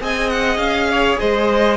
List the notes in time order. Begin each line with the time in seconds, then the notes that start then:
0.00 C4 G#4 D#5 G#5
0.29 F#5
0.57 C#4 F5
0.89 C#5
1.19 G#3 C5 D#5